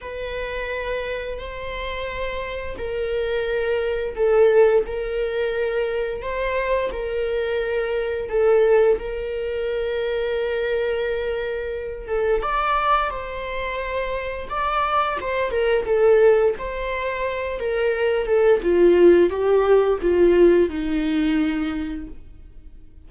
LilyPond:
\new Staff \with { instrumentName = "viola" } { \time 4/4 \tempo 4 = 87 b'2 c''2 | ais'2 a'4 ais'4~ | ais'4 c''4 ais'2 | a'4 ais'2.~ |
ais'4. a'8 d''4 c''4~ | c''4 d''4 c''8 ais'8 a'4 | c''4. ais'4 a'8 f'4 | g'4 f'4 dis'2 | }